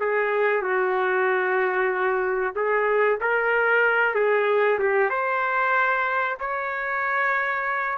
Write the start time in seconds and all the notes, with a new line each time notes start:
0.00 G#4
0.62 F#4
2.55 G#4
3.20 A#4
4.14 G#4
4.78 G4
5.09 C5
6.39 C#5